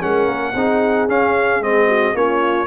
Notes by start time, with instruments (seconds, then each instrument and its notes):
0.00 tuba G#3, trombone C#4, horn A#4, trumpet F#5
0.26 tuba A#3
0.55 tuba C4, trombone D#4, horn G#4
1.07 tuba C#4, trombone C#4, trumpet F5
1.60 tuba G#3, trombone C4, trumpet D#5
1.86 horn F#4
2.14 tuba A#3, trombone C#4, horn F4, trumpet C#5